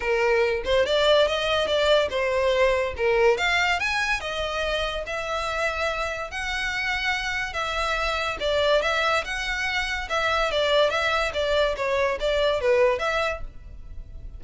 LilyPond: \new Staff \with { instrumentName = "violin" } { \time 4/4 \tempo 4 = 143 ais'4. c''8 d''4 dis''4 | d''4 c''2 ais'4 | f''4 gis''4 dis''2 | e''2. fis''4~ |
fis''2 e''2 | d''4 e''4 fis''2 | e''4 d''4 e''4 d''4 | cis''4 d''4 b'4 e''4 | }